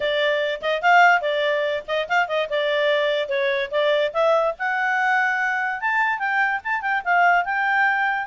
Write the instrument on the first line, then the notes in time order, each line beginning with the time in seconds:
clarinet
0.00 D5
0.61 D#5
0.81 F5
1.21 D5
1.87 D#5
2.08 F5
2.28 D#5
2.49 D5
3.28 C#5
3.70 D5
4.13 E5
4.59 F#5
5.80 A5
6.19 G5
6.64 A5
6.81 G5
7.04 F5
7.44 G5